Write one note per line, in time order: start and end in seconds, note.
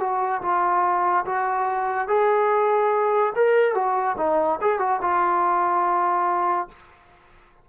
0.00 0.42 F#4
0.42 1.25 F4
1.26 2.08 F#4
2.08 3.33 G#4
3.35 3.75 A#4
3.75 4.16 F#4
4.18 4.59 D#4
4.62 4.79 G#4
4.79 5.00 F#4
5.02 6.68 F4